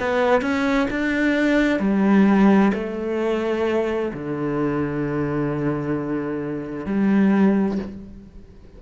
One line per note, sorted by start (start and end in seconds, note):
0.00 0.42 B3
0.42 0.88 C#4
0.91 1.80 D4
1.80 2.72 G3
2.74 4.12 A3
4.14 6.86 D3
6.86 7.79 G3